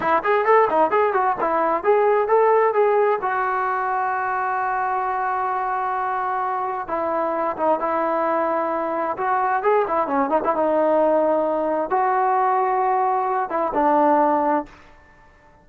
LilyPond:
\new Staff \with { instrumentName = "trombone" } { \time 4/4 \tempo 4 = 131 e'8 gis'8 a'8 dis'8 gis'8 fis'8 e'4 | gis'4 a'4 gis'4 fis'4~ | fis'1~ | fis'2. e'4~ |
e'8 dis'8 e'2. | fis'4 gis'8 e'8 cis'8 dis'16 e'16 dis'4~ | dis'2 fis'2~ | fis'4. e'8 d'2 | }